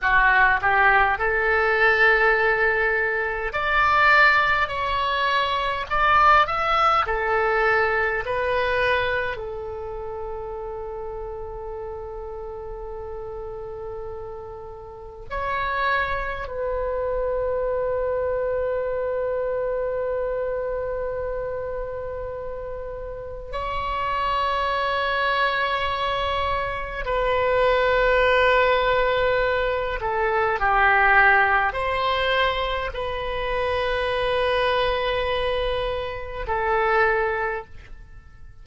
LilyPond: \new Staff \with { instrumentName = "oboe" } { \time 4/4 \tempo 4 = 51 fis'8 g'8 a'2 d''4 | cis''4 d''8 e''8 a'4 b'4 | a'1~ | a'4 cis''4 b'2~ |
b'1 | cis''2. b'4~ | b'4. a'8 g'4 c''4 | b'2. a'4 | }